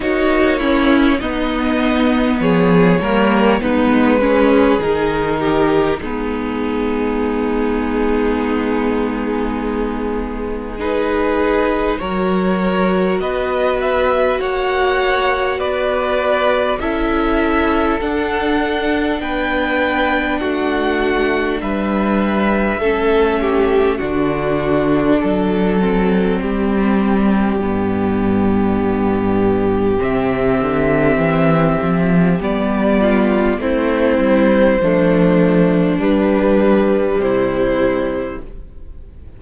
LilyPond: <<
  \new Staff \with { instrumentName = "violin" } { \time 4/4 \tempo 4 = 50 cis''4 dis''4 cis''4 b'4 | ais'4 gis'2.~ | gis'4 b'4 cis''4 dis''8 e''8 | fis''4 d''4 e''4 fis''4 |
g''4 fis''4 e''2 | d''1~ | d''4 e''2 d''4 | c''2 b'4 c''4 | }
  \new Staff \with { instrumentName = "violin" } { \time 4/4 fis'8 e'8 dis'4 gis'8 ais'8 dis'8 gis'8~ | gis'8 g'8 dis'2.~ | dis'4 gis'4 ais'4 b'4 | cis''4 b'4 a'2 |
b'4 fis'4 b'4 a'8 g'8 | fis'4 a'4 g'2~ | g'2.~ g'8 f'8 | e'4 d'2 e'4 | }
  \new Staff \with { instrumentName = "viola" } { \time 4/4 dis'8 cis'8 b4. ais8 b8 cis'8 | dis'4 b2.~ | b4 dis'4 fis'2~ | fis'2 e'4 d'4~ |
d'2. cis'4 | d'4. c'4. b4~ | b4 c'2 b4 | c'4 a4 g2 | }
  \new Staff \with { instrumentName = "cello" } { \time 4/4 ais4 b4 f8 g8 gis4 | dis4 gis2.~ | gis2 fis4 b4 | ais4 b4 cis'4 d'4 |
b4 a4 g4 a4 | d4 fis4 g4 g,4~ | g,4 c8 d8 e8 f8 g4 | a8 g8 f4 g4 c4 | }
>>